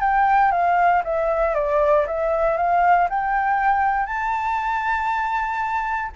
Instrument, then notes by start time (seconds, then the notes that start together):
flute
0.00 G5
0.51 F5
1.04 E5
1.55 D5
2.07 E5
2.57 F5
3.09 G5
4.06 A5